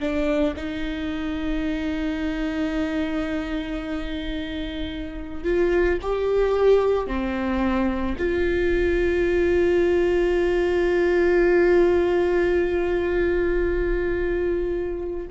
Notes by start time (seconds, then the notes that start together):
0.00 D4
0.56 D#4
5.44 F4
6.02 G4
7.07 C4
8.18 F4